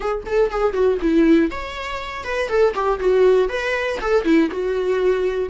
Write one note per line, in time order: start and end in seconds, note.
0.00 0.23 G#4
0.25 0.50 A4
0.50 0.72 G#4
0.72 0.97 F#4
1.01 1.50 E4
1.50 2.24 C#5
2.24 2.48 B4
2.48 2.73 A4
2.74 2.99 G4
2.99 3.48 F#4
3.48 3.98 B4
4.01 4.24 A4
4.24 4.49 E4
4.50 5.49 F#4